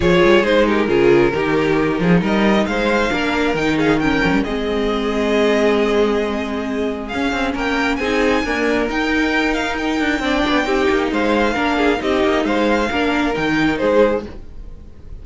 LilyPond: <<
  \new Staff \with { instrumentName = "violin" } { \time 4/4 \tempo 4 = 135 cis''4 c''8 ais'2~ ais'8~ | ais'4 dis''4 f''2 | g''8 f''8 g''4 dis''2~ | dis''1 |
f''4 g''4 gis''2 | g''4. f''8 g''2~ | g''4 f''2 dis''4 | f''2 g''4 c''4 | }
  \new Staff \with { instrumentName = "violin" } { \time 4/4 gis'4. g'8 gis'4 g'4~ | g'8 gis'8 ais'4 c''4 ais'4~ | ais'8 gis'8 ais'4 gis'2~ | gis'1~ |
gis'4 ais'4 gis'4 ais'4~ | ais'2. d''4 | g'4 c''4 ais'8 gis'8 g'4 | c''4 ais'2 gis'4 | }
  \new Staff \with { instrumentName = "viola" } { \time 4/4 f'4 dis'4 f'4 dis'4~ | dis'2. d'4 | dis'4 cis'4 c'2~ | c'1 |
cis'2 dis'4 ais4 | dis'2. d'4 | dis'2 d'4 dis'4~ | dis'4 d'4 dis'2 | }
  \new Staff \with { instrumentName = "cello" } { \time 4/4 f8 g8 gis4 cis4 dis4~ | dis8 f8 g4 gis4 ais4 | dis4. f16 g16 gis2~ | gis1 |
cis'8 c'8 ais4 c'4 d'4 | dis'2~ dis'8 d'8 c'8 b8 | c'8 ais8 gis4 ais4 c'8 ais8 | gis4 ais4 dis4 gis4 | }
>>